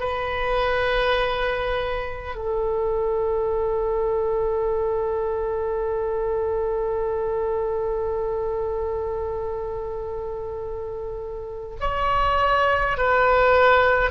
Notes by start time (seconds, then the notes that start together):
0.00 B4
2.36 A4
11.81 C#5
12.97 B4